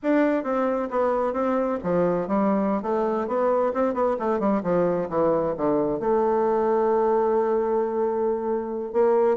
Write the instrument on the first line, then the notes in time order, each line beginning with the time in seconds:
bassoon
0.02 D4
0.43 C4
0.90 B3
1.33 C4
1.83 F3
2.27 G3
2.82 A3
3.27 B3
3.73 C4
3.94 B3
4.19 A3
4.39 G3
4.63 F3
5.09 E3
5.57 D3
5.99 A3
8.92 A#3